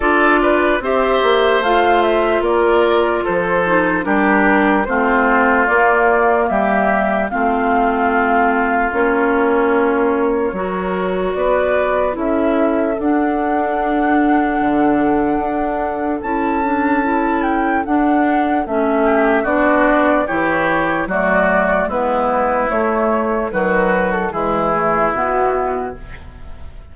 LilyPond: <<
  \new Staff \with { instrumentName = "flute" } { \time 4/4 \tempo 4 = 74 d''4 e''4 f''8 e''8 d''4 | c''4 ais'4 c''4 d''4 | e''4 f''2 cis''4~ | cis''2 d''4 e''4 |
fis''1 | a''4. g''8 fis''4 e''4 | d''4 cis''4 d''4 b'4 | cis''4 b'8. a'16 gis'4 fis'4 | }
  \new Staff \with { instrumentName = "oboe" } { \time 4/4 a'8 b'8 c''2 ais'4 | a'4 g'4 f'2 | g'4 f'2.~ | f'4 ais'4 b'4 a'4~ |
a'1~ | a'2.~ a'8 g'8 | fis'4 g'4 fis'4 e'4~ | e'4 fis'4 e'2 | }
  \new Staff \with { instrumentName = "clarinet" } { \time 4/4 f'4 g'4 f'2~ | f'8 dis'8 d'4 c'4 ais4~ | ais4 c'2 cis'4~ | cis'4 fis'2 e'4 |
d'1 | e'8 d'8 e'4 d'4 cis'4 | d'4 e'4 a4 b4 | a4 fis4 gis8 a8 b4 | }
  \new Staff \with { instrumentName = "bassoon" } { \time 4/4 d'4 c'8 ais8 a4 ais4 | f4 g4 a4 ais4 | g4 a2 ais4~ | ais4 fis4 b4 cis'4 |
d'2 d4 d'4 | cis'2 d'4 a4 | b4 e4 fis4 gis4 | a4 dis4 e4 b,4 | }
>>